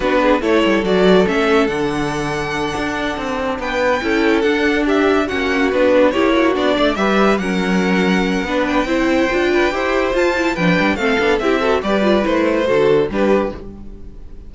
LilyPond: <<
  \new Staff \with { instrumentName = "violin" } { \time 4/4 \tempo 4 = 142 b'4 cis''4 d''4 e''4 | fis''1~ | fis''8 g''2 fis''4 e''8~ | e''8 fis''4 b'4 cis''4 d''8~ |
d''8 e''4 fis''2~ fis''8~ | fis''8 g''2.~ g''8 | a''4 g''4 f''4 e''4 | d''4 c''2 b'4 | }
  \new Staff \with { instrumentName = "violin" } { \time 4/4 fis'8 gis'8 a'2.~ | a'1~ | a'8 b'4 a'2 g'8~ | g'8 fis'2 g'8 fis'4 |
d''8 b'4 ais'2~ ais'8 | b'4 c''4. b'8 c''4~ | c''4 b'4 a'4 g'8 a'8 | b'2 a'4 g'4 | }
  \new Staff \with { instrumentName = "viola" } { \time 4/4 d'4 e'4 fis'4 cis'4 | d'1~ | d'4. e'4 d'4.~ | d'8 cis'4 d'4 e'4 d'8~ |
d'8 g'4 cis'2~ cis'8 | d'4 e'4 f'4 g'4 | f'8 e'8 d'4 c'8 d'8 e'8 fis'8 | g'8 f'8 e'4 fis'4 d'4 | }
  \new Staff \with { instrumentName = "cello" } { \time 4/4 b4 a8 g8 fis4 a4 | d2~ d8 d'4 c'8~ | c'8 b4 cis'4 d'4.~ | d'8 ais4 b4 ais4 b8 |
a8 g4 fis2~ fis8 | b4 c'4 d'4 e'4 | f'4 f8 g8 a8 b8 c'4 | g4 a4 d4 g4 | }
>>